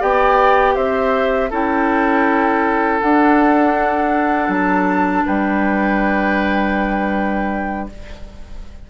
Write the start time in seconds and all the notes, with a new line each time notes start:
0.00 B3 G4 D5 G5
0.75 C4 C5 E5
1.51 C#4 E4 A4 G5
3.01 D4 F#5
4.49 F#3 A5
5.26 G3 B4 G5